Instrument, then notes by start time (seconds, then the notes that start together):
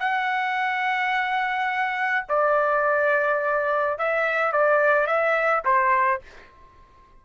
trumpet
0.00 F#5
2.29 D5
3.99 E5
4.53 D5
5.07 E5
5.65 C5